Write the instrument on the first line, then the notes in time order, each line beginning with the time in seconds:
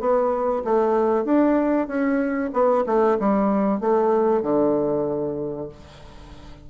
bassoon
0.00 B3
0.64 A3
1.25 D4
1.88 C#4
2.53 B3
2.87 A3
3.20 G3
3.81 A3
4.42 D3